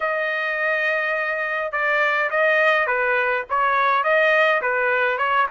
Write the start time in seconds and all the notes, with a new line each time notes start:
0.00 D#5
1.72 D5
2.30 D#5
2.86 B4
3.49 C#5
4.03 D#5
4.61 B4
5.18 C#5